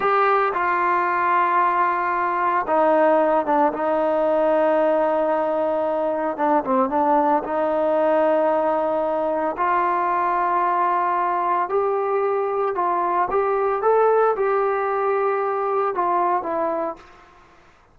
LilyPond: \new Staff \with { instrumentName = "trombone" } { \time 4/4 \tempo 4 = 113 g'4 f'2.~ | f'4 dis'4. d'8 dis'4~ | dis'1 | d'8 c'8 d'4 dis'2~ |
dis'2 f'2~ | f'2 g'2 | f'4 g'4 a'4 g'4~ | g'2 f'4 e'4 | }